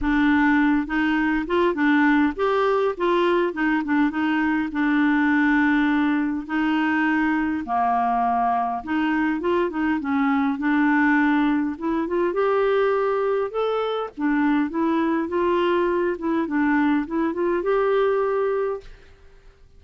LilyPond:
\new Staff \with { instrumentName = "clarinet" } { \time 4/4 \tempo 4 = 102 d'4. dis'4 f'8 d'4 | g'4 f'4 dis'8 d'8 dis'4 | d'2. dis'4~ | dis'4 ais2 dis'4 |
f'8 dis'8 cis'4 d'2 | e'8 f'8 g'2 a'4 | d'4 e'4 f'4. e'8 | d'4 e'8 f'8 g'2 | }